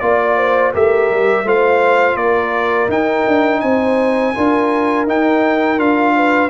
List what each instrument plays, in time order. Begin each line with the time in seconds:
0.00 tuba A#3, trombone F4, trumpet D5, horn D5
0.37 horn C5
0.73 tuba A3, trombone G4, horn A#4, trumpet E5
1.11 tuba G3
1.44 tuba A3, trombone F4, horn C5, trumpet F5
2.16 tuba A#3, horn A#4, trumpet D5
2.89 tuba D#4, trombone D#4, trumpet G5
3.28 tuba D4
3.61 tuba C4, horn C5, trumpet G#5
4.34 tuba D4, trombone F4, horn A#4
5.07 tuba D#4, trombone D#4, trumpet G5
5.78 tuba D4, trombone F4, trumpet F5
6.16 horn B4